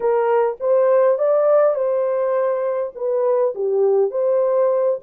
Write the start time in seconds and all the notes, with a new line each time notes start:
0.00 A#4
0.60 C5
1.18 D5
1.75 C5
2.95 B4
3.55 G4
4.10 C5